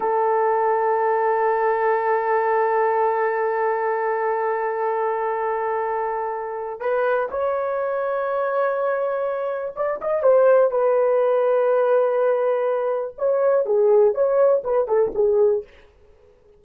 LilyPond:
\new Staff \with { instrumentName = "horn" } { \time 4/4 \tempo 4 = 123 a'1~ | a'1~ | a'1~ | a'2 b'4 cis''4~ |
cis''1 | d''8 dis''8 c''4 b'2~ | b'2. cis''4 | gis'4 cis''4 b'8 a'8 gis'4 | }